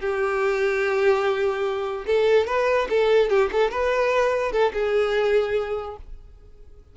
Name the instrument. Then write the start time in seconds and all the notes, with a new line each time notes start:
violin
0.00 G4
2.06 A4
2.47 B4
2.90 A4
3.29 G4
3.52 A4
3.70 B4
4.52 A4
4.73 G#4